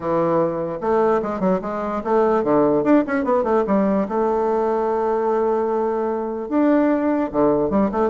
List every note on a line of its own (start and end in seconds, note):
0.00 0.78 E3
0.80 1.21 A3
1.22 1.39 G#3
1.39 1.60 F#3
1.61 2.02 G#3
2.04 2.43 A3
2.43 2.83 D3
2.83 3.04 D4
3.07 3.24 C#4
3.24 3.43 B3
3.43 3.63 A3
3.67 4.07 G3
4.08 6.48 A3
6.48 7.30 D4
7.32 7.70 D3
7.70 7.90 G3
7.91 8.10 A3